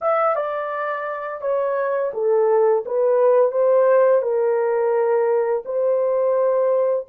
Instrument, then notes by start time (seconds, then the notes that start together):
horn
0.01 E5
0.35 D5
1.41 C#5
2.13 A4
2.85 B4
3.51 C5
4.22 A#4
5.65 C5